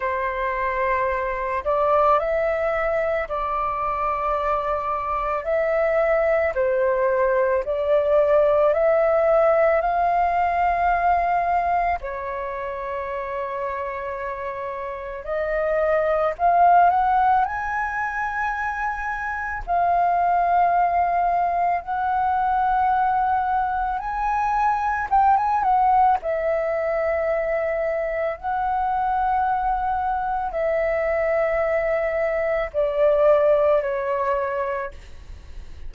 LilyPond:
\new Staff \with { instrumentName = "flute" } { \time 4/4 \tempo 4 = 55 c''4. d''8 e''4 d''4~ | d''4 e''4 c''4 d''4 | e''4 f''2 cis''4~ | cis''2 dis''4 f''8 fis''8 |
gis''2 f''2 | fis''2 gis''4 g''16 gis''16 fis''8 | e''2 fis''2 | e''2 d''4 cis''4 | }